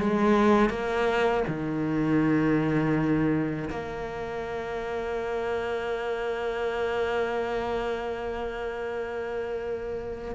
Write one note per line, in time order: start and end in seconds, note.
0.00 0.69 G#3
0.69 1.43 A#3
1.47 3.70 D#3
3.70 10.35 A#3